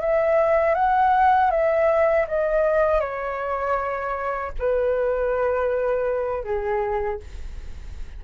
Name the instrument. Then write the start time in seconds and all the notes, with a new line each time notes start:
flute
0.00 E5
0.74 F#5
1.50 E5
2.28 D#5
3.00 C#5
4.59 B4
6.43 G#4